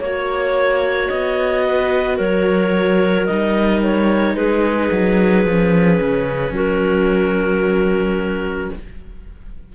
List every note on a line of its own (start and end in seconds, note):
0.00 1.09 A#3
0.00 3.28 F#4
0.00 1.09 C#5
0.00 1.65 C#5
1.09 2.19 B3
1.09 2.18 D#5
1.65 2.17 B4
2.17 3.28 F#3
2.17 4.35 A#4
2.17 3.26 C#5
3.26 4.35 G3
3.26 5.46 D#4
3.26 3.81 D#5
3.83 4.36 C#5
4.35 4.90 G#3
4.35 6.55 G#4
4.35 6.54 B4
4.92 5.45 F#3
5.45 6.00 F3
5.45 8.75 C#4
6.01 6.52 C#3
6.52 8.70 F#3
6.52 8.73 F#4
6.52 8.74 A#4